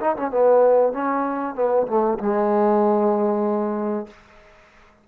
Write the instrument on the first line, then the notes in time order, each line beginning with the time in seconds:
trombone
0.00 D#4
0.16 C#4
0.30 B3
0.92 C#4
1.55 B3
1.87 A3
2.19 G#3